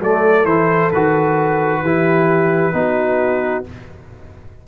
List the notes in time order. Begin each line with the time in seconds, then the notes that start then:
0.00 F#3 A3 A4 D5
0.45 E3 E4 C5
0.92 D#3 F#4 B4
1.83 E3 E4 G4
2.73 B3 D#4 F#4